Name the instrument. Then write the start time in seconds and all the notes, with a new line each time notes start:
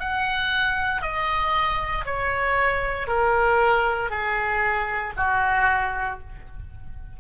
oboe
0.00 F#5
1.02 D#5
2.05 C#5
3.07 A#4
4.10 G#4
5.17 F#4